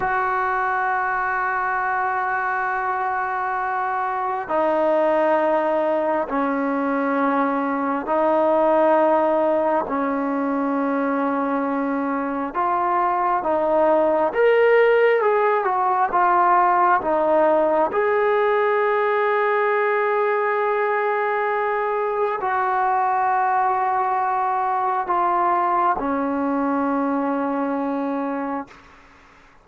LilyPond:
\new Staff \with { instrumentName = "trombone" } { \time 4/4 \tempo 4 = 67 fis'1~ | fis'4 dis'2 cis'4~ | cis'4 dis'2 cis'4~ | cis'2 f'4 dis'4 |
ais'4 gis'8 fis'8 f'4 dis'4 | gis'1~ | gis'4 fis'2. | f'4 cis'2. | }